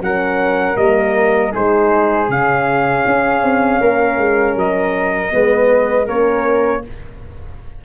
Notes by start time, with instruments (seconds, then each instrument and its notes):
0.00 tuba F#3, horn C#4, flute A#4, trumpet F#5
0.76 tuba G3, horn A#3, trumpet D#5
1.51 tuba G#3, horn D#4, flute G#4, trumpet C5
2.28 tuba C#3, horn C#4, trumpet F5
3.06 tuba C#4
3.42 tuba C4
3.80 tuba A#3, flute A#4
4.17 tuba G#3
4.55 tuba F#3, trumpet D#5
5.31 tuba G#3, horn B3, flute B4
6.06 tuba A#3, horn C#4, flute A#4, trumpet C#5